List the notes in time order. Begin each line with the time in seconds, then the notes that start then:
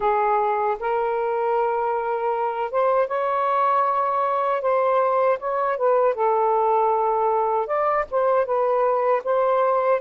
0.00 G#4
0.79 A#4
2.71 C5
3.07 C#5
4.61 C5
5.39 C#5
5.77 B4
6.14 A4
7.66 D5
8.10 C5
8.45 B4
9.24 C5